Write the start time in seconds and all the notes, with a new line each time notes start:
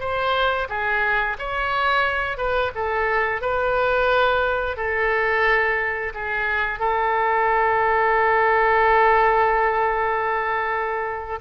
0.00 C5
0.69 G#4
1.39 C#5
2.37 B4
2.75 A4
3.42 B4
4.77 A4
6.15 G#4
6.79 A4